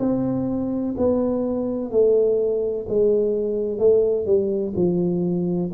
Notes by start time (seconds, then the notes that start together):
0.00 C4
0.98 B3
1.91 A3
2.89 G#3
3.79 A3
4.26 G3
4.76 F3